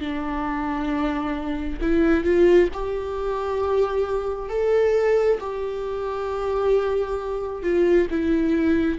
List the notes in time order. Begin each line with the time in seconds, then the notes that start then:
0.00 D4
1.81 E4
2.24 F4
2.73 G4
4.49 A4
5.40 G4
7.63 F4
8.10 E4